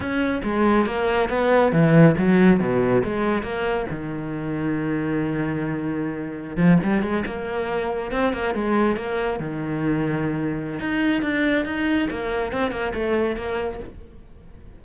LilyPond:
\new Staff \with { instrumentName = "cello" } { \time 4/4 \tempo 4 = 139 cis'4 gis4 ais4 b4 | e4 fis4 b,4 gis4 | ais4 dis2.~ | dis2.~ dis16 f8 g16~ |
g16 gis8 ais2 c'8 ais8 gis16~ | gis8. ais4 dis2~ dis16~ | dis4 dis'4 d'4 dis'4 | ais4 c'8 ais8 a4 ais4 | }